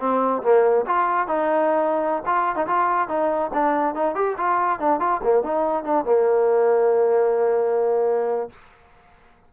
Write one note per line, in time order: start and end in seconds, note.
0.00 0.43 C4
0.43 0.86 A#3
0.87 1.28 F4
1.28 2.24 D#4
2.26 2.56 F4
2.56 2.67 D#4
2.67 3.09 F4
3.09 3.51 D#4
3.54 3.95 D4
3.95 4.15 D#4
4.15 4.37 G4
4.38 4.80 F4
4.80 5.00 D4
5.00 5.22 F4
5.24 5.44 A#3
5.44 5.85 D#4
5.85 6.06 D4
6.06 8.50 A#3